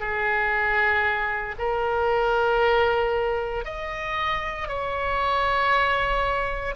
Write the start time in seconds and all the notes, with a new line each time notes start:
0.00 G#4
1.58 A#4
3.65 D#5
4.68 C#5